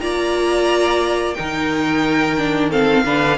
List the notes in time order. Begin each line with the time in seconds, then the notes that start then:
0.00 A#3 F4 D5 A#5
1.34 D#3 D#4 A#4 G5
2.37 D4
2.70 C4 A4 F5
3.04 D3 D4 B4